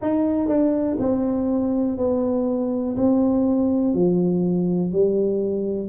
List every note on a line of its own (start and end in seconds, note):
0.01 0.48 D#4
0.48 0.97 D4
0.99 1.97 C4
1.97 2.96 B3
2.96 3.93 C4
3.93 4.92 F3
4.92 5.89 G3